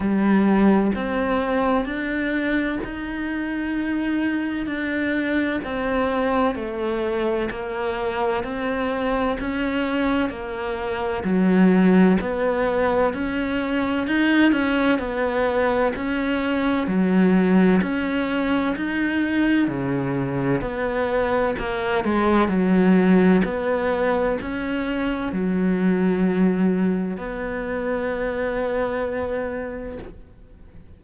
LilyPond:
\new Staff \with { instrumentName = "cello" } { \time 4/4 \tempo 4 = 64 g4 c'4 d'4 dis'4~ | dis'4 d'4 c'4 a4 | ais4 c'4 cis'4 ais4 | fis4 b4 cis'4 dis'8 cis'8 |
b4 cis'4 fis4 cis'4 | dis'4 cis4 b4 ais8 gis8 | fis4 b4 cis'4 fis4~ | fis4 b2. | }